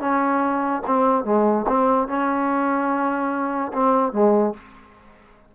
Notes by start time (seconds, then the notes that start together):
0.00 C#4
0.86 C4
1.24 G#3
1.68 C4
2.08 C#4
3.73 C4
4.12 G#3